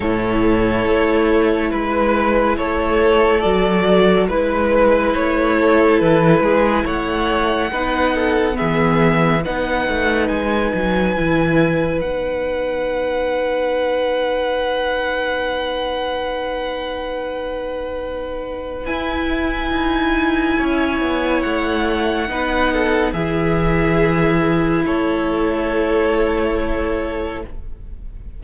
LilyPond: <<
  \new Staff \with { instrumentName = "violin" } { \time 4/4 \tempo 4 = 70 cis''2 b'4 cis''4 | d''4 b'4 cis''4 b'4 | fis''2 e''4 fis''4 | gis''2 fis''2~ |
fis''1~ | fis''2 gis''2~ | gis''4 fis''2 e''4~ | e''4 cis''2. | }
  \new Staff \with { instrumentName = "violin" } { \time 4/4 a'2 b'4 a'4~ | a'4 b'4. a'4 gis'8 | cis''4 b'8 a'8 gis'4 b'4~ | b'1~ |
b'1~ | b'1 | cis''2 b'8 a'8 gis'4~ | gis'4 a'2. | }
  \new Staff \with { instrumentName = "viola" } { \time 4/4 e'1 | fis'4 e'2.~ | e'4 dis'4 b4 dis'4~ | dis'4 e'4 dis'2~ |
dis'1~ | dis'2 e'2~ | e'2 dis'4 e'4~ | e'1 | }
  \new Staff \with { instrumentName = "cello" } { \time 4/4 a,4 a4 gis4 a4 | fis4 gis4 a4 e8 gis8 | a4 b4 e4 b8 a8 | gis8 fis8 e4 b2~ |
b1~ | b2 e'4 dis'4 | cis'8 b8 a4 b4 e4~ | e4 a2. | }
>>